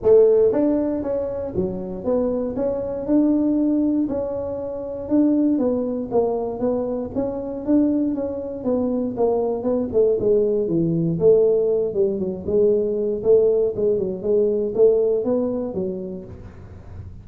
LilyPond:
\new Staff \with { instrumentName = "tuba" } { \time 4/4 \tempo 4 = 118 a4 d'4 cis'4 fis4 | b4 cis'4 d'2 | cis'2 d'4 b4 | ais4 b4 cis'4 d'4 |
cis'4 b4 ais4 b8 a8 | gis4 e4 a4. g8 | fis8 gis4. a4 gis8 fis8 | gis4 a4 b4 fis4 | }